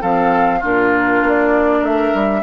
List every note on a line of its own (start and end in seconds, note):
0.00 0.62 F3
0.00 0.61 C4
0.00 0.59 A4
0.00 0.63 F5
0.59 1.22 A#2
0.59 2.43 D4
0.59 1.79 F4
0.59 1.26 A#4
1.22 1.82 A#3
1.22 1.84 D5
1.79 2.12 A3
1.79 2.40 A#4
1.79 2.43 E5
2.13 2.43 G3